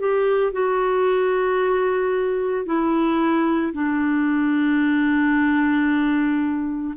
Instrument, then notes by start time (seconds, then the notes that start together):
clarinet
0.00 G4
0.53 F#4
2.66 E4
3.73 D4